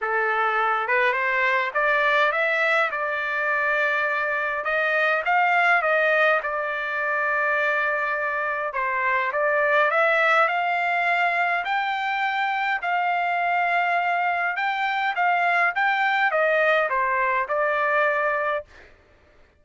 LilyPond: \new Staff \with { instrumentName = "trumpet" } { \time 4/4 \tempo 4 = 103 a'4. b'8 c''4 d''4 | e''4 d''2. | dis''4 f''4 dis''4 d''4~ | d''2. c''4 |
d''4 e''4 f''2 | g''2 f''2~ | f''4 g''4 f''4 g''4 | dis''4 c''4 d''2 | }